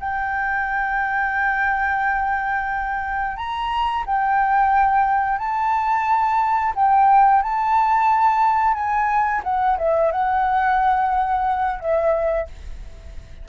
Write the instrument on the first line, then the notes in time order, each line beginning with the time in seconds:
flute
0.00 G5
3.37 A#5
4.06 G5
5.39 A5
6.76 G5
7.43 A5
8.75 G#5
9.44 F#5
9.78 E5
10.12 F#5
11.81 E5